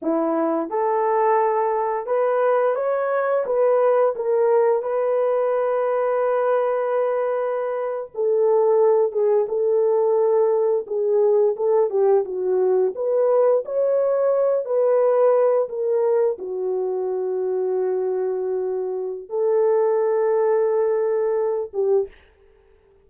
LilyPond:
\new Staff \with { instrumentName = "horn" } { \time 4/4 \tempo 4 = 87 e'4 a'2 b'4 | cis''4 b'4 ais'4 b'4~ | b'2.~ b'8. a'16~ | a'4~ a'16 gis'8 a'2 gis'16~ |
gis'8. a'8 g'8 fis'4 b'4 cis''16~ | cis''4~ cis''16 b'4. ais'4 fis'16~ | fis'1 | a'2.~ a'8 g'8 | }